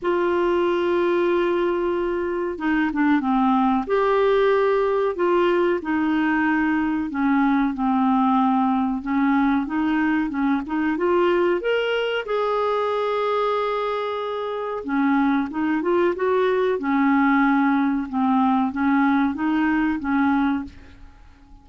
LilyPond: \new Staff \with { instrumentName = "clarinet" } { \time 4/4 \tempo 4 = 93 f'1 | dis'8 d'8 c'4 g'2 | f'4 dis'2 cis'4 | c'2 cis'4 dis'4 |
cis'8 dis'8 f'4 ais'4 gis'4~ | gis'2. cis'4 | dis'8 f'8 fis'4 cis'2 | c'4 cis'4 dis'4 cis'4 | }